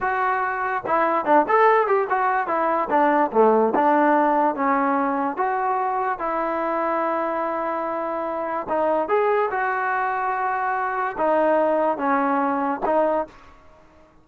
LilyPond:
\new Staff \with { instrumentName = "trombone" } { \time 4/4 \tempo 4 = 145 fis'2 e'4 d'8 a'8~ | a'8 g'8 fis'4 e'4 d'4 | a4 d'2 cis'4~ | cis'4 fis'2 e'4~ |
e'1~ | e'4 dis'4 gis'4 fis'4~ | fis'2. dis'4~ | dis'4 cis'2 dis'4 | }